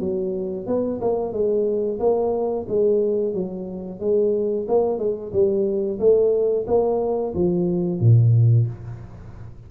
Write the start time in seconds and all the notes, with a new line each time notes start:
0.00 F#3
0.67 B3
1.01 A#3
1.32 G#3
1.99 A#3
2.68 G#3
3.34 F#3
4.00 G#3
4.68 A#3
4.98 G#3
5.32 G3
5.99 A3
6.67 A#3
7.35 F3
8.00 A#2